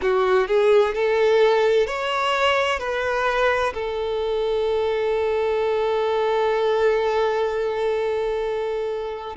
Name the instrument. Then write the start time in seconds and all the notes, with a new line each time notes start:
violin
0.01 F#4
0.47 G#4
0.94 A4
1.86 C#5
2.79 B4
3.73 A4